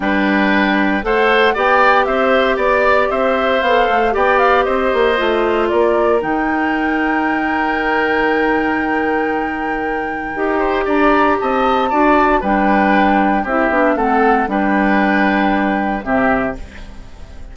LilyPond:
<<
  \new Staff \with { instrumentName = "flute" } { \time 4/4 \tempo 4 = 116 g''2 fis''4 g''4 | e''4 d''4 e''4 f''4 | g''8 f''8 dis''2 d''4 | g''1~ |
g''1~ | g''4 ais''4 a''2 | g''2 e''4 fis''4 | g''2. e''4 | }
  \new Staff \with { instrumentName = "oboe" } { \time 4/4 b'2 c''4 d''4 | c''4 d''4 c''2 | d''4 c''2 ais'4~ | ais'1~ |
ais'1~ | ais'8 c''8 d''4 dis''4 d''4 | b'2 g'4 a'4 | b'2. g'4 | }
  \new Staff \with { instrumentName = "clarinet" } { \time 4/4 d'2 a'4 g'4~ | g'2. a'4 | g'2 f'2 | dis'1~ |
dis'1 | g'2. fis'4 | d'2 e'8 d'8 c'4 | d'2. c'4 | }
  \new Staff \with { instrumentName = "bassoon" } { \time 4/4 g2 a4 b4 | c'4 b4 c'4 b8 a8 | b4 c'8 ais8 a4 ais4 | dis1~ |
dis1 | dis'4 d'4 c'4 d'4 | g2 c'8 b8 a4 | g2. c4 | }
>>